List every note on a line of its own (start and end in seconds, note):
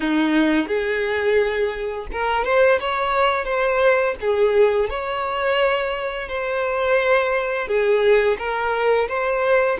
0.00 0.67 D#4
0.67 2.06 G#4
2.12 2.44 A#4
2.44 2.79 C5
2.79 3.44 C#5
3.44 4.14 C5
4.20 4.89 G#4
4.89 6.28 C#5
6.28 7.67 C5
7.67 8.37 G#4
8.38 9.08 A#4
9.08 9.78 C5